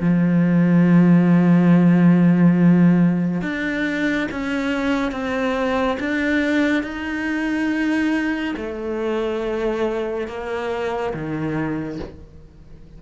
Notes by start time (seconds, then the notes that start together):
0.00 F3
3.42 D4
4.31 C#4
5.12 C4
5.99 D4
6.83 D#4
8.56 A3
10.28 A#3
11.14 D#3